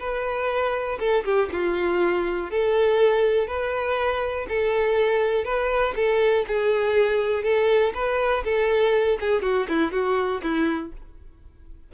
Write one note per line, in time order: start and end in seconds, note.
0.00 0.99 B4
1.00 1.25 A4
1.25 1.50 G4
1.53 2.51 F4
2.51 3.48 A4
3.48 4.47 B4
4.49 5.45 A4
5.45 5.95 B4
5.96 6.46 A4
6.48 7.44 G#4
7.44 7.93 A4
7.95 8.44 B4
8.45 9.19 A4
9.21 9.43 G#4
9.43 9.67 F#4
9.69 9.92 E4
9.92 10.42 F#4
10.43 10.93 E4